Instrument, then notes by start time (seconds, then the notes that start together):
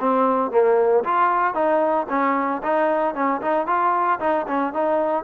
trombone
0.00 C4
0.51 A#3
1.04 F4
1.54 D#4
2.09 C#4
2.63 D#4
3.15 C#4
3.42 D#4
3.67 F4
4.20 D#4
4.47 C#4
4.73 D#4